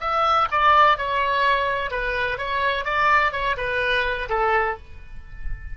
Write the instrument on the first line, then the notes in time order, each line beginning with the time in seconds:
oboe
0.00 E5
0.51 D5
0.97 C#5
1.90 B4
2.38 C#5
2.85 D5
3.32 C#5
3.57 B4
4.29 A4